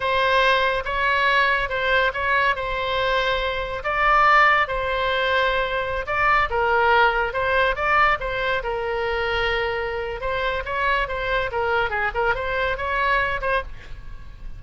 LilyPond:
\new Staff \with { instrumentName = "oboe" } { \time 4/4 \tempo 4 = 141 c''2 cis''2 | c''4 cis''4 c''2~ | c''4 d''2 c''4~ | c''2~ c''16 d''4 ais'8.~ |
ais'4~ ais'16 c''4 d''4 c''8.~ | c''16 ais'2.~ ais'8. | c''4 cis''4 c''4 ais'4 | gis'8 ais'8 c''4 cis''4. c''8 | }